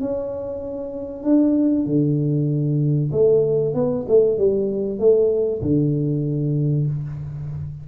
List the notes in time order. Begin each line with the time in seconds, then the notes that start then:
0.00 C#4
1.23 D4
1.86 D3
3.12 A3
3.74 B3
4.08 A3
4.38 G3
4.99 A3
5.62 D3